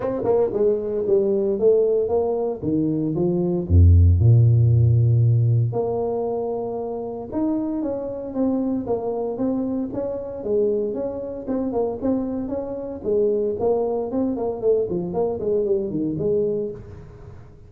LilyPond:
\new Staff \with { instrumentName = "tuba" } { \time 4/4 \tempo 4 = 115 c'8 ais8 gis4 g4 a4 | ais4 dis4 f4 f,4 | ais,2. ais4~ | ais2 dis'4 cis'4 |
c'4 ais4 c'4 cis'4 | gis4 cis'4 c'8 ais8 c'4 | cis'4 gis4 ais4 c'8 ais8 | a8 f8 ais8 gis8 g8 dis8 gis4 | }